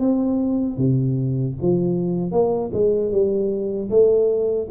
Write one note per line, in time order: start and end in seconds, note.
0.00 0.78 C4
0.78 1.55 C3
1.62 2.32 F3
2.32 2.71 A#3
2.74 3.12 G#3
3.12 3.90 G3
3.91 4.69 A3